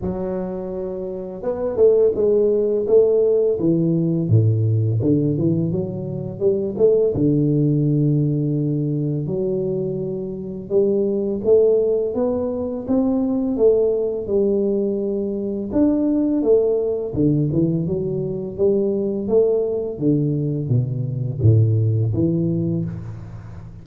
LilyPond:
\new Staff \with { instrumentName = "tuba" } { \time 4/4 \tempo 4 = 84 fis2 b8 a8 gis4 | a4 e4 a,4 d8 e8 | fis4 g8 a8 d2~ | d4 fis2 g4 |
a4 b4 c'4 a4 | g2 d'4 a4 | d8 e8 fis4 g4 a4 | d4 b,4 a,4 e4 | }